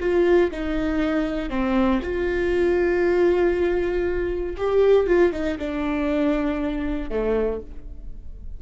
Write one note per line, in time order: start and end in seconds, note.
0.00 0.51 F4
0.51 1.50 D#4
1.50 2.00 C4
2.02 4.56 F4
4.57 5.07 G4
5.07 5.33 F4
5.33 5.58 D#4
5.58 7.10 D4
7.10 7.60 A3